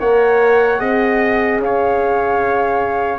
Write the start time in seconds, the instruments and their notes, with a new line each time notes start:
0.00 tuba A#3, horn A#4, trumpet C#5, flute F#5
0.79 tuba C4, horn G#4, trumpet D#5
1.59 tuba C#4, flute F5
1.66 trumpet C#5